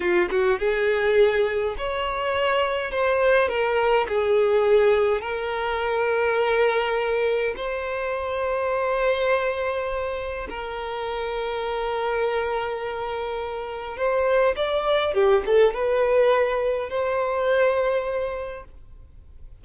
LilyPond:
\new Staff \with { instrumentName = "violin" } { \time 4/4 \tempo 4 = 103 f'8 fis'8 gis'2 cis''4~ | cis''4 c''4 ais'4 gis'4~ | gis'4 ais'2.~ | ais'4 c''2.~ |
c''2 ais'2~ | ais'1 | c''4 d''4 g'8 a'8 b'4~ | b'4 c''2. | }